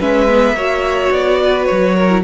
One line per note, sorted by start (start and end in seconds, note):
0.00 0.53 G#3
0.00 0.29 C#4
0.00 0.56 B4
0.00 1.13 E5
0.29 0.57 B3
0.53 1.09 A#3
0.53 2.10 F#4
0.53 1.41 C#5
1.11 1.68 B3
1.11 1.65 D5
1.44 1.96 B4
1.65 2.22 C#5
1.72 2.24 F#3
1.96 2.24 A#4
2.10 2.24 E4